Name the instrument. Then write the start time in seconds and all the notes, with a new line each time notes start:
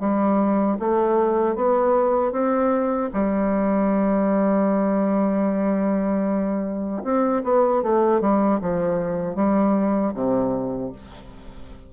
bassoon
0.00 G3
0.79 A3
1.55 B3
2.32 C4
3.13 G3
7.04 C4
7.44 B3
7.83 A3
8.21 G3
8.61 F3
9.35 G3
10.14 C3